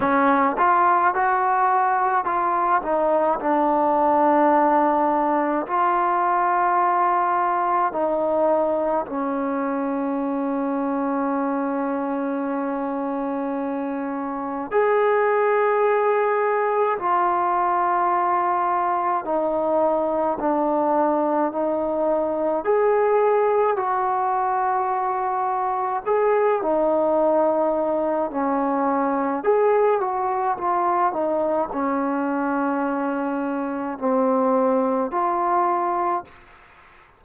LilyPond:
\new Staff \with { instrumentName = "trombone" } { \time 4/4 \tempo 4 = 53 cis'8 f'8 fis'4 f'8 dis'8 d'4~ | d'4 f'2 dis'4 | cis'1~ | cis'4 gis'2 f'4~ |
f'4 dis'4 d'4 dis'4 | gis'4 fis'2 gis'8 dis'8~ | dis'4 cis'4 gis'8 fis'8 f'8 dis'8 | cis'2 c'4 f'4 | }